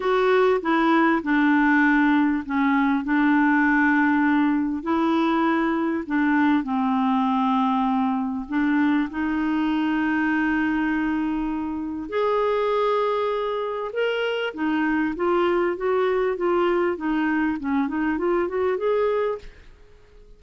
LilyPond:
\new Staff \with { instrumentName = "clarinet" } { \time 4/4 \tempo 4 = 99 fis'4 e'4 d'2 | cis'4 d'2. | e'2 d'4 c'4~ | c'2 d'4 dis'4~ |
dis'1 | gis'2. ais'4 | dis'4 f'4 fis'4 f'4 | dis'4 cis'8 dis'8 f'8 fis'8 gis'4 | }